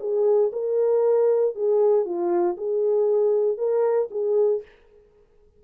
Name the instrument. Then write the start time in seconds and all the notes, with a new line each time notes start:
horn
0.00 G#4
0.53 A#4
1.55 G#4
2.05 F4
2.57 G#4
3.58 A#4
4.11 G#4